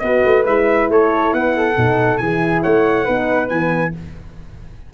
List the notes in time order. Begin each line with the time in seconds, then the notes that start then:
0.00 B3 F#4 B4 D#5
0.26 A3
0.45 G#3 E4 E5
0.90 A3 A4 C#5
1.33 B3 B4 F#5
1.57 A4
1.77 B2 D#4
2.18 E3 E4 G#4 G#5
2.63 A3 C#5 F#5
3.05 B3 D#4 B4
3.49 E3 B3 G#5